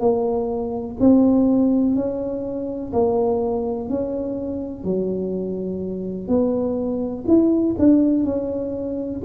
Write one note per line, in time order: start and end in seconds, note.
0.00 0.97 A#3
1.00 1.95 C4
1.95 2.92 C#4
2.93 3.89 A#3
3.89 4.84 C#4
4.84 6.28 F#3
6.28 7.25 B3
7.28 7.76 E4
7.79 8.24 D4
8.24 9.21 C#4